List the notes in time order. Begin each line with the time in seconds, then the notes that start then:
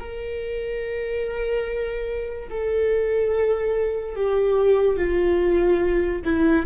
0.00 A#4
2.50 A4
4.16 G4
4.97 F4
6.25 E4